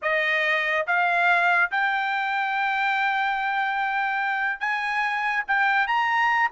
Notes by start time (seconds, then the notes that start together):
0.02 D#5
0.86 F5
1.71 G5
4.59 G#5
5.47 G5
5.87 A#5